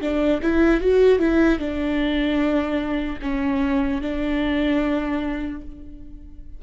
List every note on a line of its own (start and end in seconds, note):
0.00 0.40 D4
0.42 0.80 E4
0.80 1.19 F#4
1.19 1.59 E4
1.59 3.19 D4
3.21 4.01 C#4
4.01 5.61 D4